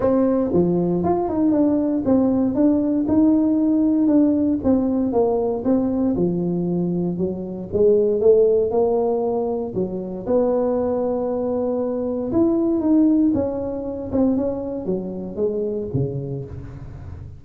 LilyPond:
\new Staff \with { instrumentName = "tuba" } { \time 4/4 \tempo 4 = 117 c'4 f4 f'8 dis'8 d'4 | c'4 d'4 dis'2 | d'4 c'4 ais4 c'4 | f2 fis4 gis4 |
a4 ais2 fis4 | b1 | e'4 dis'4 cis'4. c'8 | cis'4 fis4 gis4 cis4 | }